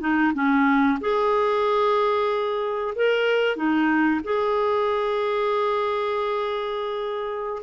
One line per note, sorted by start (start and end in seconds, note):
0.00 0.32 D#4
0.34 0.98 C#4
1.00 2.94 G#4
2.95 3.56 A#4
3.56 4.21 D#4
4.23 7.62 G#4